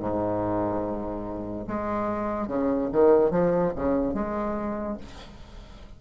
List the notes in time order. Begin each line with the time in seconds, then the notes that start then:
0.00 G#2
1.67 G#3
2.48 C#3
2.92 D#3
3.31 F3
3.76 C#3
4.14 G#3